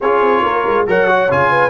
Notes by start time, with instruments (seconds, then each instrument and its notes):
0.00 tuba C#4, trombone F4, horn G#4, trumpet C#5
0.21 tuba C4
0.41 tuba A#3, horn A#4
0.66 tuba G#3
0.87 tuba F#3, trombone A#4, horn C#5, trumpet F#5
1.07 trombone F#4
1.30 tuba C#3, trombone F4, trumpet G#5
1.49 horn B4